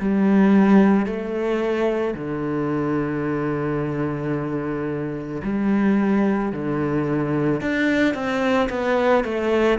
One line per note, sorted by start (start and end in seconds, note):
0.00 1.07 G3
1.07 2.14 A3
2.14 5.41 D3
5.44 6.53 G3
6.53 7.62 D3
7.62 8.14 D4
8.14 8.69 C4
8.70 9.24 B3
9.24 9.79 A3